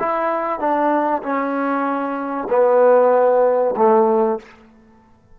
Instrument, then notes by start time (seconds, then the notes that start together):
trombone
0.00 E4
0.60 D4
1.24 C#4
2.50 B3
3.77 A3